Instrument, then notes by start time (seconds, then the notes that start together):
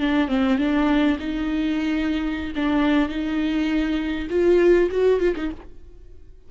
viola
0.00 D4
0.28 C4
0.59 D4
1.19 D#4
2.56 D4
3.09 D#4
4.30 F4
4.91 F#4
5.20 F4
5.36 D#4